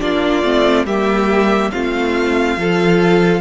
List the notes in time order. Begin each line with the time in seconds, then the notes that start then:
0.00 A#3 D4 F4 D5
0.43 A3 C4
0.85 G3 A#3 G4 E5
1.71 A3 C4 F4 F5
2.57 F3 F4 A4